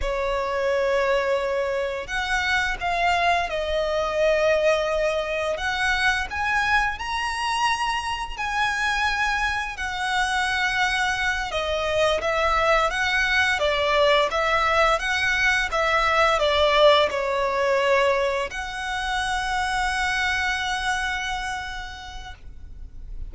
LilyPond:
\new Staff \with { instrumentName = "violin" } { \time 4/4 \tempo 4 = 86 cis''2. fis''4 | f''4 dis''2. | fis''4 gis''4 ais''2 | gis''2 fis''2~ |
fis''8 dis''4 e''4 fis''4 d''8~ | d''8 e''4 fis''4 e''4 d''8~ | d''8 cis''2 fis''4.~ | fis''1 | }